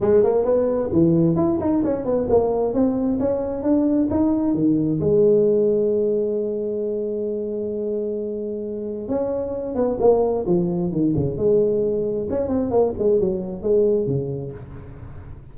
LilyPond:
\new Staff \with { instrumentName = "tuba" } { \time 4/4 \tempo 4 = 132 gis8 ais8 b4 e4 e'8 dis'8 | cis'8 b8 ais4 c'4 cis'4 | d'4 dis'4 dis4 gis4~ | gis1~ |
gis1 | cis'4. b8 ais4 f4 | dis8 cis8 gis2 cis'8 c'8 | ais8 gis8 fis4 gis4 cis4 | }